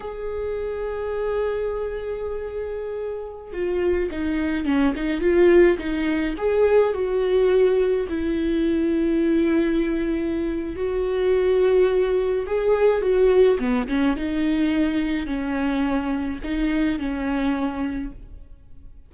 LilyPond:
\new Staff \with { instrumentName = "viola" } { \time 4/4 \tempo 4 = 106 gis'1~ | gis'2~ gis'16 f'4 dis'8.~ | dis'16 cis'8 dis'8 f'4 dis'4 gis'8.~ | gis'16 fis'2 e'4.~ e'16~ |
e'2. fis'4~ | fis'2 gis'4 fis'4 | b8 cis'8 dis'2 cis'4~ | cis'4 dis'4 cis'2 | }